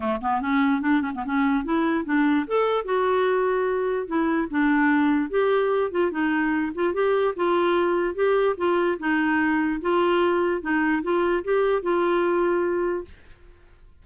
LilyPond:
\new Staff \with { instrumentName = "clarinet" } { \time 4/4 \tempo 4 = 147 a8 b8 cis'4 d'8 cis'16 b16 cis'4 | e'4 d'4 a'4 fis'4~ | fis'2 e'4 d'4~ | d'4 g'4. f'8 dis'4~ |
dis'8 f'8 g'4 f'2 | g'4 f'4 dis'2 | f'2 dis'4 f'4 | g'4 f'2. | }